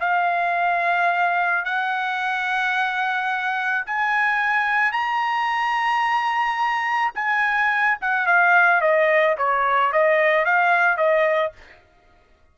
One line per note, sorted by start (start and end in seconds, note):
0.00 1.65 F5
1.65 3.85 F#5
3.86 4.92 G#5
4.92 7.12 A#5
7.15 7.98 G#5
8.01 8.27 F#5
8.27 8.81 F5
8.81 9.36 D#5
9.38 9.92 C#5
9.92 10.45 D#5
10.45 10.97 F5
10.97 11.52 D#5